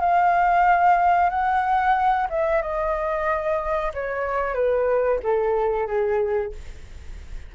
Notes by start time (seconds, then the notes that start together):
0.00 F5
1.30 F#5
2.30 E5
2.62 D#5
3.93 C#5
4.54 B4
5.23 A4
5.87 G#4